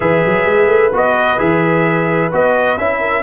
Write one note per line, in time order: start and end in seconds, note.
0.00 0.24 E3
0.00 0.91 G#4
0.00 2.98 B4
0.00 0.92 E5
0.25 0.45 F#3
0.45 0.67 G#3
0.67 0.90 A3
0.92 1.38 B3
0.92 1.38 F#4
0.92 1.39 D#5
1.38 2.31 E3
1.38 2.30 G#4
1.38 2.31 E5
2.31 2.77 B3
2.31 2.77 F#4
2.31 2.77 D#5
2.77 3.22 C#4
2.77 3.22 E4
2.77 3.22 E5
3.00 3.22 A#4